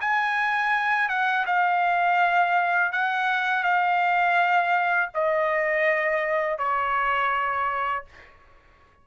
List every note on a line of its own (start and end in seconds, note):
0.00 1.09 G#5
1.09 1.45 F#5
1.46 2.92 F5
2.92 3.63 F#5
3.63 5.10 F5
5.14 6.58 D#5
6.58 8.05 C#5